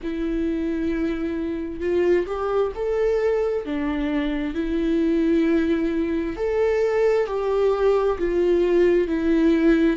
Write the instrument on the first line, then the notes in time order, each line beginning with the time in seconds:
viola
0.02 E4
1.80 F4
2.26 G4
2.75 A4
3.65 D4
4.54 E4
6.36 A4
7.26 G4
8.18 F4
9.07 E4